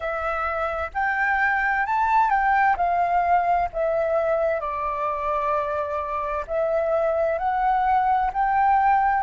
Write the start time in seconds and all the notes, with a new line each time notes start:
0.00 E5
0.94 G5
1.85 A5
2.30 G5
2.77 F5
3.73 E5
4.60 D5
6.47 E5
7.38 F#5
8.33 G5